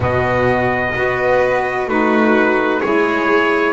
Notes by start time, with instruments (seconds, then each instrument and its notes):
0.00 double bass B2, saxophone B3, violin F#4, trumpet D#5
0.95 double bass B3, saxophone F#4, violin B4
1.87 double bass A3, saxophone D#4, violin F#4, trumpet B4
2.80 double bass G#3, saxophone E4, violin G#4, trumpet C#5